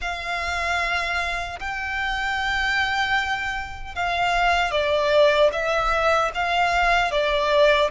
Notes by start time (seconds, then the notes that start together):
0.01 F5
1.59 G5
3.95 F5
4.71 D5
5.52 E5
6.34 F5
7.11 D5